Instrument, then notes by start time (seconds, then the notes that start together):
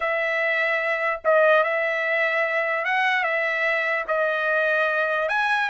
trumpet
0.00 E5
1.24 D#5
1.63 E5
2.84 F#5
3.23 E5
4.07 D#5
5.29 G#5